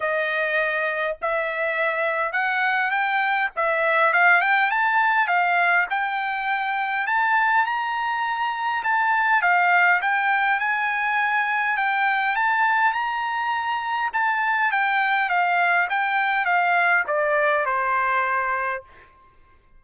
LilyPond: \new Staff \with { instrumentName = "trumpet" } { \time 4/4 \tempo 4 = 102 dis''2 e''2 | fis''4 g''4 e''4 f''8 g''8 | a''4 f''4 g''2 | a''4 ais''2 a''4 |
f''4 g''4 gis''2 | g''4 a''4 ais''2 | a''4 g''4 f''4 g''4 | f''4 d''4 c''2 | }